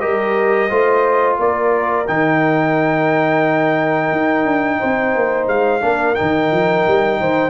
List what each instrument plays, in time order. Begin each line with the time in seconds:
0.00 tuba G3, trombone G4, horn A#4, trumpet D#5
0.69 tuba A3, trombone F4, horn C5
1.39 tuba A#3, horn A#4, trumpet D5
2.07 tuba D#3, trombone D#4, trumpet G5
4.12 tuba D#4
4.45 tuba D4
4.79 tuba C4, horn C5
5.15 tuba A#3
5.47 tuba G#3, trumpet F5
5.81 tuba A#3, trombone D4, horn A#4
6.15 tuba D#3, trombone D#4, trumpet G5
6.51 tuba F3
6.87 tuba G3
7.19 tuba D#3, horn C5